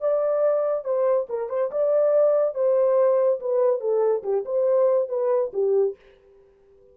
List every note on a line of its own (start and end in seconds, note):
0.00 0.84 D5
0.84 1.27 C5
1.29 1.49 A#4
1.49 1.70 C5
1.71 2.54 D5
2.54 3.39 C5
3.40 3.80 B4
3.80 4.23 A4
4.23 4.44 G4
4.45 5.09 C5
5.09 5.51 B4
5.53 5.95 G4